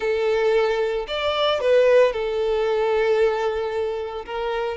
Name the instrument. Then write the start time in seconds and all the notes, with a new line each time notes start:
violin
0.00 A4
1.07 D5
1.60 B4
2.12 A4
4.25 A#4